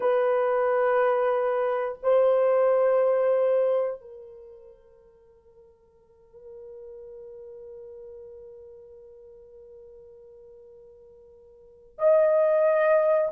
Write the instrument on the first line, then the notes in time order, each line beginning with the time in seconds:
horn
0.00 B4
2.02 C5
4.00 A#4
11.98 D#5